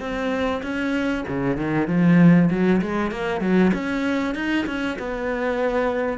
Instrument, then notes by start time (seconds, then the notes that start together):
cello
0.00 C4
0.63 C#4
1.28 C#3
1.57 D#3
1.88 F3
2.51 F#3
2.82 G#3
3.12 A#3
3.41 F#3
3.74 C#4
4.35 D#4
4.66 C#4
4.99 B3